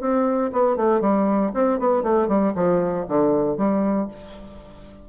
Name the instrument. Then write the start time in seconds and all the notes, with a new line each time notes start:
bassoon
0.00 C4
0.52 B3
0.76 A3
1.01 G3
1.54 C4
1.79 B3
2.03 A3
2.28 G3
2.55 F3
3.08 D3
3.57 G3